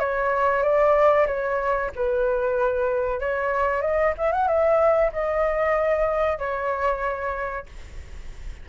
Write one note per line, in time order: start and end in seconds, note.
0.00 0.63 C#5
0.63 1.27 D5
1.27 1.91 C#5
1.96 3.20 B4
3.20 3.82 C#5
3.82 4.14 D#5
4.18 4.33 E5
4.33 4.48 F#5
4.48 5.12 E5
5.13 6.39 D#5
6.39 7.66 C#5